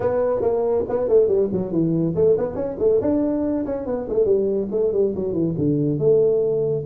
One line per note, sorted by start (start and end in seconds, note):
0.00 0.41 B3
0.41 0.84 A#3
0.88 1.08 B3
1.08 1.27 A3
1.27 1.48 G3
1.52 1.71 F#3
1.71 2.14 E3
2.15 2.36 A3
2.37 2.55 B3
2.55 2.76 C#4
2.78 3.00 A3
3.01 3.65 D4
3.65 3.86 C#4
3.86 4.07 B3
4.09 4.25 A3
4.25 4.68 G3
4.71 4.92 A3
4.93 5.14 G3
5.15 5.33 F#3
5.33 5.54 E3
5.58 5.98 D3
5.98 6.84 A3